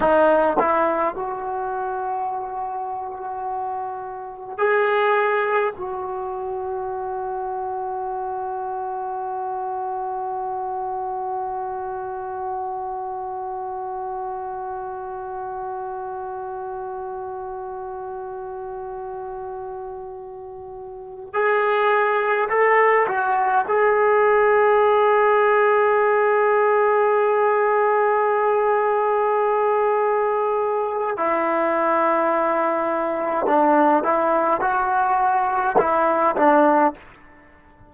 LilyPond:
\new Staff \with { instrumentName = "trombone" } { \time 4/4 \tempo 4 = 52 dis'8 e'8 fis'2. | gis'4 fis'2.~ | fis'1~ | fis'1~ |
fis'2~ fis'8 gis'4 a'8 | fis'8 gis'2.~ gis'8~ | gis'2. e'4~ | e'4 d'8 e'8 fis'4 e'8 d'8 | }